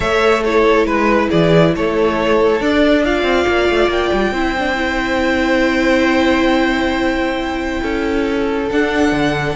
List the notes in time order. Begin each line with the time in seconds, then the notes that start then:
0.00 A3 A4 C#5 E5
0.43 E4 A4 C#5
0.85 G#3 B4
1.28 E3 G#4 D5
1.75 A3 A4 C#5
2.60 D4 D5
3.04 F4 D5 F5
3.22 C4
3.47 A#3
3.69 A3
3.88 A#3 G5
4.12 G3
4.31 C4 E4 C5
4.58 D4
4.75 E4
7.82 C#4 A4
8.71 D4 F#5
9.11 D3